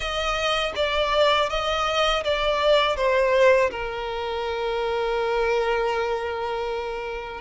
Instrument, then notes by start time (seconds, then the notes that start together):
violin
0.00 D#5
0.75 D5
1.49 D#5
2.24 D5
2.96 C5
3.70 A#4